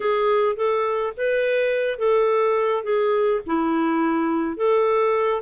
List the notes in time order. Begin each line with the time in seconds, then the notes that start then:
0.00 G#4
0.56 A4
1.16 B4
1.98 A4
2.83 G#4
3.46 E4
4.56 A4